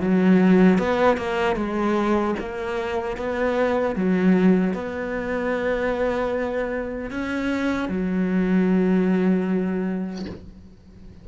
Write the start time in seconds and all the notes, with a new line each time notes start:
0.00 F#3
0.78 B3
1.17 A#3
1.56 G#3
2.39 A#3
3.17 B3
3.95 F#3
4.73 B3
7.10 C#4
7.88 F#3